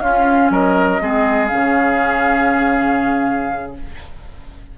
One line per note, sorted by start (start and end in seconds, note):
0.00 1.00 C#4
0.00 0.51 C#4
0.00 0.52 F4
0.00 0.51 F5
0.51 1.01 F#3
0.51 1.02 A#4
0.51 1.47 D#5
1.00 1.51 G#3
1.00 1.49 C4
1.00 3.77 G#4
1.47 3.78 C#3
1.47 3.74 C#4
1.47 3.72 F5